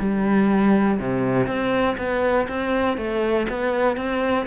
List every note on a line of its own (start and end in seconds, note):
0.00 0.99 G3
0.99 1.47 C3
1.47 1.97 C4
1.98 2.48 B3
2.49 2.98 C4
2.98 3.47 A3
3.50 3.97 B3
3.97 4.47 C4